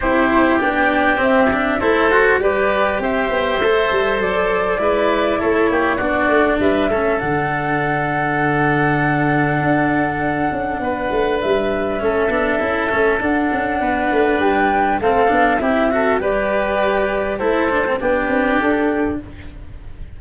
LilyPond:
<<
  \new Staff \with { instrumentName = "flute" } { \time 4/4 \tempo 4 = 100 c''4 g''4 e''4 c''4 | d''4 e''2 d''4~ | d''4 cis''4 d''4 e''4 | fis''1~ |
fis''2. e''4~ | e''2 fis''2 | g''4 f''4 e''4 d''4~ | d''4 c''4 b'4 a'4 | }
  \new Staff \with { instrumentName = "oboe" } { \time 4/4 g'2. a'4 | b'4 c''2. | b'4 a'8 g'8 fis'4 b'8 a'8~ | a'1~ |
a'2 b'2 | a'2. b'4~ | b'4 a'4 g'8 a'8 b'4~ | b'4 a'4 g'2 | }
  \new Staff \with { instrumentName = "cello" } { \time 4/4 e'4 d'4 c'8 d'8 e'8 fis'8 | g'2 a'2 | e'2 d'4. cis'8 | d'1~ |
d'1 | cis'8 d'8 e'8 cis'8 d'2~ | d'4 c'8 d'8 e'8 fis'8 g'4~ | g'4 e'8 d'16 c'16 d'2 | }
  \new Staff \with { instrumentName = "tuba" } { \time 4/4 c'4 b4 c'4 a4 | g4 c'8 b8 a8 g8 fis4 | gis4 a8 ais8 b8 a8 g8 a8 | d1 |
d'4. cis'8 b8 a8 g4 | a8 b8 cis'8 a8 d'8 cis'8 b8 a8 | g4 a8 b8 c'4 g4~ | g4 a4 b8 c'8 d'4 | }
>>